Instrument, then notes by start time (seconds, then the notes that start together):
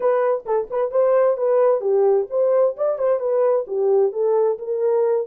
horn
0.00 B4
0.45 A4
0.70 B4
0.91 C5
1.37 B4
1.80 G4
2.30 C5
2.76 D5
2.98 C5
3.19 B4
3.67 G4
4.12 A4
4.58 A#4